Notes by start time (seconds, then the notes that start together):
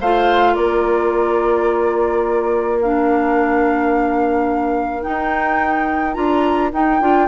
0.00 A3 F4 C5 F5
0.53 A#3 A#4 D5
2.82 D4 F5
5.02 D#4 G5
6.14 D4 F4 A#5
6.73 D#4 G5
7.00 D4 F4